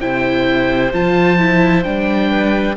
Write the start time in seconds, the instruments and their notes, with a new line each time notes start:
0.00 cello C3, viola E4, clarinet C5, oboe G5
0.93 cello F3, viola F4, oboe A5
1.38 viola E4
1.83 cello G3, viola D4, oboe G5
2.30 clarinet B4